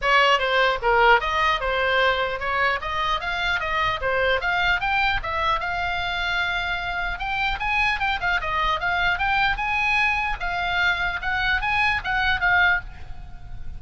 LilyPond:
\new Staff \with { instrumentName = "oboe" } { \time 4/4 \tempo 4 = 150 cis''4 c''4 ais'4 dis''4 | c''2 cis''4 dis''4 | f''4 dis''4 c''4 f''4 | g''4 e''4 f''2~ |
f''2 g''4 gis''4 | g''8 f''8 dis''4 f''4 g''4 | gis''2 f''2 | fis''4 gis''4 fis''4 f''4 | }